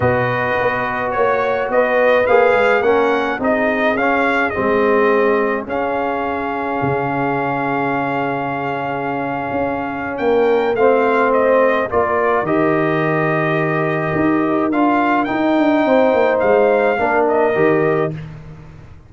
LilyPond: <<
  \new Staff \with { instrumentName = "trumpet" } { \time 4/4 \tempo 4 = 106 dis''2 cis''4 dis''4 | f''4 fis''4 dis''4 f''4 | dis''2 f''2~ | f''1~ |
f''2 g''4 f''4 | dis''4 d''4 dis''2~ | dis''2 f''4 g''4~ | g''4 f''4. dis''4. | }
  \new Staff \with { instrumentName = "horn" } { \time 4/4 b'2 cis''4 b'4~ | b'4 ais'4 gis'2~ | gis'1~ | gis'1~ |
gis'2 ais'4 c''4~ | c''4 ais'2.~ | ais'1 | c''2 ais'2 | }
  \new Staff \with { instrumentName = "trombone" } { \time 4/4 fis'1 | gis'4 cis'4 dis'4 cis'4 | c'2 cis'2~ | cis'1~ |
cis'2. c'4~ | c'4 f'4 g'2~ | g'2 f'4 dis'4~ | dis'2 d'4 g'4 | }
  \new Staff \with { instrumentName = "tuba" } { \time 4/4 b,4 b4 ais4 b4 | ais8 gis8 ais4 c'4 cis'4 | gis2 cis'2 | cis1~ |
cis8. cis'4~ cis'16 ais4 a4~ | a4 ais4 dis2~ | dis4 dis'4 d'4 dis'8 d'8 | c'8 ais8 gis4 ais4 dis4 | }
>>